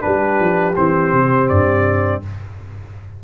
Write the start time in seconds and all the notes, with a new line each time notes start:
0.00 D4 G4 B4
0.06 G3
0.39 F3
0.76 E3 C4 C5
1.13 C3
1.48 G2 D5